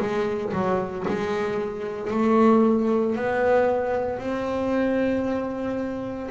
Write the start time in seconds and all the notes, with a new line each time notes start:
0.00 G#3
0.53 F#3
1.08 G#3
2.11 A3
3.16 B3
4.19 C4